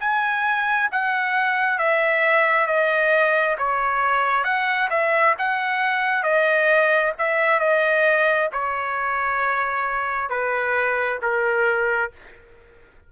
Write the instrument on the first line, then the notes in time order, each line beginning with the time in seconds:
trumpet
0.00 G#5
0.92 F#5
1.78 E5
2.67 D#5
3.58 C#5
4.44 F#5
4.90 E5
5.39 F#5
6.24 D#5
7.18 E5
7.60 D#5
8.52 C#5
10.29 B4
11.22 A#4